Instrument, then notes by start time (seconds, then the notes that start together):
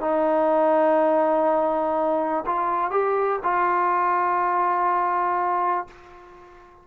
trombone
0.00 D#4
2.46 F4
2.90 G4
3.43 F4